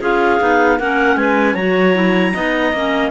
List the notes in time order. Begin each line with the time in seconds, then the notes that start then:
0.00 C#4 F4 G#4 F5
0.40 B3 D#4
0.78 A#3 C#4 A#4 F#5
1.16 G#3 B4 G#5
1.54 F#3 F#4 C#5 A#5
1.94 E4
2.33 B3 D#4 D#5
2.73 A#3 C#4